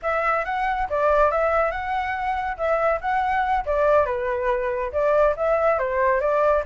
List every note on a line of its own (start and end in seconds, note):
0.02 0.45 E5
0.45 0.87 F#5
0.89 1.31 D5
1.31 1.71 E5
1.71 2.57 F#5
2.57 2.99 E5
3.00 3.64 F#5
3.65 4.05 D5
4.05 4.91 B4
4.92 5.35 D5
5.36 5.78 E5
5.78 6.20 C5
6.20 6.63 D5